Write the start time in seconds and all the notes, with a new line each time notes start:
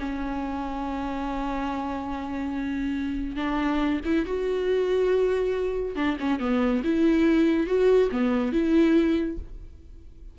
0.00 C#4
3.36 D4
4.05 E4
4.26 F#4
5.96 D4
6.20 C#4
6.40 B3
6.84 E4
7.67 F#4
8.12 B3
8.53 E4